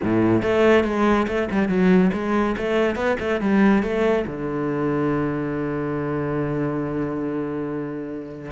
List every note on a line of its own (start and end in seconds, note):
0.02 0.42 A2
0.42 0.84 A3
0.84 1.26 G#3
1.27 1.49 A3
1.51 1.68 G3
1.68 2.11 F#3
2.13 2.56 G#3
2.57 2.95 A3
2.95 3.16 B3
3.19 3.40 A3
3.40 3.82 G3
3.82 4.25 A3
4.26 8.51 D3